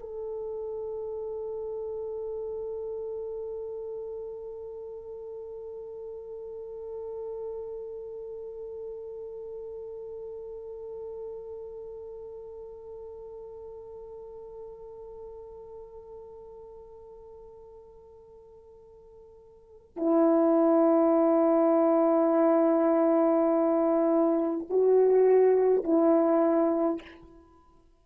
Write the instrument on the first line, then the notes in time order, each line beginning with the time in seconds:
horn
0.00 A4
19.96 E4
24.69 F#4
25.83 E4